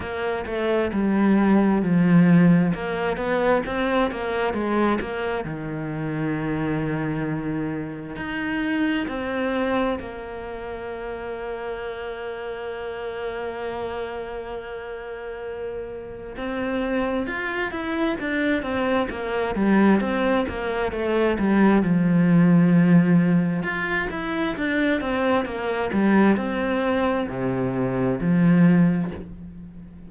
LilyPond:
\new Staff \with { instrumentName = "cello" } { \time 4/4 \tempo 4 = 66 ais8 a8 g4 f4 ais8 b8 | c'8 ais8 gis8 ais8 dis2~ | dis4 dis'4 c'4 ais4~ | ais1~ |
ais2 c'4 f'8 e'8 | d'8 c'8 ais8 g8 c'8 ais8 a8 g8 | f2 f'8 e'8 d'8 c'8 | ais8 g8 c'4 c4 f4 | }